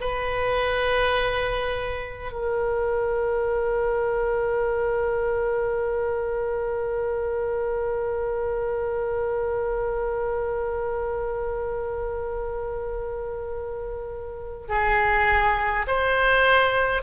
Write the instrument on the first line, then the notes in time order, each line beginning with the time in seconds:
oboe
0.00 B4
2.32 A#4
14.68 G#4
15.87 C5